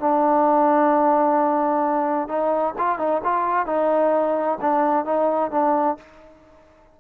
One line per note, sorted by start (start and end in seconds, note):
0.00 2.28 D4
2.28 2.74 D#4
2.78 2.99 F4
2.99 3.22 D#4
3.24 3.67 F4
3.67 4.59 D#4
4.61 5.05 D4
5.05 5.51 D#4
5.51 5.97 D4